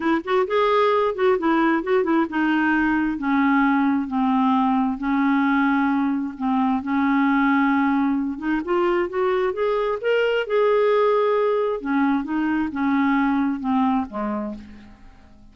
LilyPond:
\new Staff \with { instrumentName = "clarinet" } { \time 4/4 \tempo 4 = 132 e'8 fis'8 gis'4. fis'8 e'4 | fis'8 e'8 dis'2 cis'4~ | cis'4 c'2 cis'4~ | cis'2 c'4 cis'4~ |
cis'2~ cis'8 dis'8 f'4 | fis'4 gis'4 ais'4 gis'4~ | gis'2 cis'4 dis'4 | cis'2 c'4 gis4 | }